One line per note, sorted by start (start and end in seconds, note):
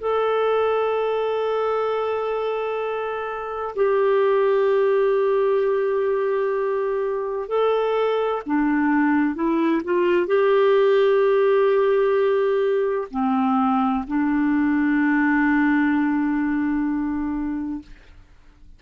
0.00 3.75 A4
3.76 7.48 G4
7.48 8.42 A4
8.46 9.35 D4
9.35 9.81 E4
9.84 10.27 F4
10.27 13.08 G4
13.11 14.05 C4
14.07 17.82 D4